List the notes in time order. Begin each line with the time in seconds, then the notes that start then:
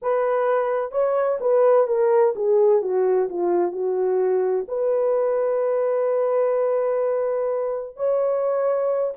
0.02 B4
0.91 C#5
1.40 B4
1.87 A#4
2.35 G#4
2.81 F#4
3.29 F4
3.72 F#4
4.68 B4
7.96 C#5